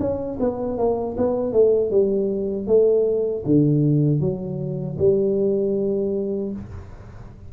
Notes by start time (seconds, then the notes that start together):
0.00 C#4
0.40 B3
0.78 A#3
1.18 B3
1.53 A3
1.91 G3
2.67 A3
3.45 D3
4.21 F#3
4.99 G3